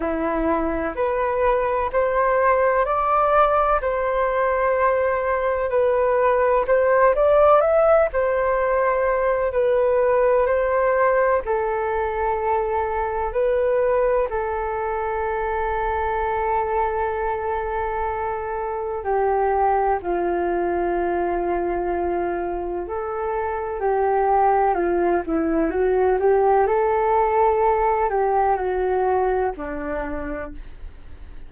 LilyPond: \new Staff \with { instrumentName = "flute" } { \time 4/4 \tempo 4 = 63 e'4 b'4 c''4 d''4 | c''2 b'4 c''8 d''8 | e''8 c''4. b'4 c''4 | a'2 b'4 a'4~ |
a'1 | g'4 f'2. | a'4 g'4 f'8 e'8 fis'8 g'8 | a'4. g'8 fis'4 d'4 | }